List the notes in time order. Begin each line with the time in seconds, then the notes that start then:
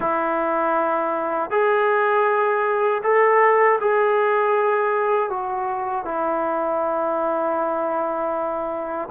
0.00 E4
1.50 G#4
3.03 A4
3.80 G#4
5.29 F#4
6.04 E4